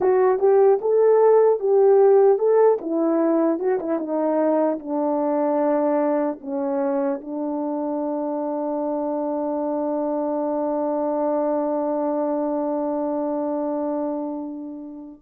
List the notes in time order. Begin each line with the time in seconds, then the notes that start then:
0.00 F#4
0.39 G4
0.81 A4
1.59 G4
2.38 A4
2.81 E4
3.59 F#4
3.79 E4
3.98 D#4
4.79 D4
6.40 C#4
7.21 D4